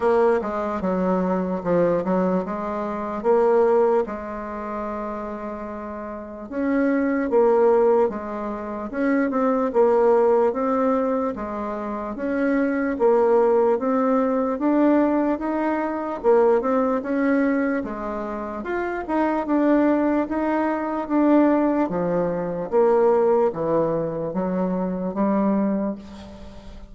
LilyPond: \new Staff \with { instrumentName = "bassoon" } { \time 4/4 \tempo 4 = 74 ais8 gis8 fis4 f8 fis8 gis4 | ais4 gis2. | cis'4 ais4 gis4 cis'8 c'8 | ais4 c'4 gis4 cis'4 |
ais4 c'4 d'4 dis'4 | ais8 c'8 cis'4 gis4 f'8 dis'8 | d'4 dis'4 d'4 f4 | ais4 e4 fis4 g4 | }